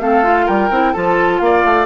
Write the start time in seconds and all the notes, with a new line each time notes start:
0.00 A3 C4 A4 F5
0.23 F4
0.45 G3 A#4 G5
0.70 C4 E4
0.92 F3 F4 A4 A5
1.38 A#3 D5 F5
1.64 A3